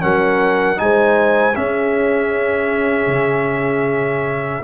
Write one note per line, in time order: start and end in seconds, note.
0.00 0.80 F#3
0.00 0.76 C#4
0.00 0.79 A#4
0.00 0.79 F#5
0.76 1.57 G#3
0.76 1.53 D#4
0.76 1.57 C5
0.76 1.56 G#5
1.55 4.63 C#4
1.55 3.07 C#4
1.55 4.64 G#4
1.55 4.63 E5
3.07 4.61 C#3